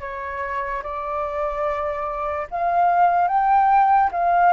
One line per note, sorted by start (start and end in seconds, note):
0.00 0.82 C#5
0.83 2.47 D5
2.51 3.28 F5
3.28 4.10 G5
4.12 4.52 F5